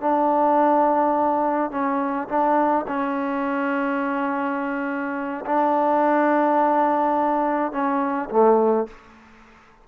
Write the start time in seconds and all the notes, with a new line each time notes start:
0.00 D4
1.71 C#4
2.28 D4
2.88 C#4
5.45 D4
7.72 C#4
8.30 A3